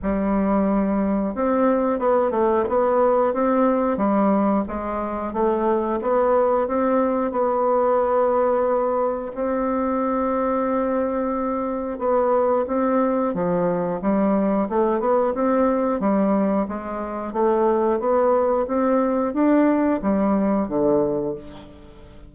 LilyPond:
\new Staff \with { instrumentName = "bassoon" } { \time 4/4 \tempo 4 = 90 g2 c'4 b8 a8 | b4 c'4 g4 gis4 | a4 b4 c'4 b4~ | b2 c'2~ |
c'2 b4 c'4 | f4 g4 a8 b8 c'4 | g4 gis4 a4 b4 | c'4 d'4 g4 d4 | }